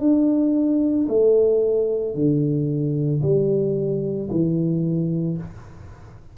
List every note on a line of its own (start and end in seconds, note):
0.00 1.07 D4
1.09 2.15 A3
2.15 3.22 D3
3.22 4.30 G3
4.31 5.38 E3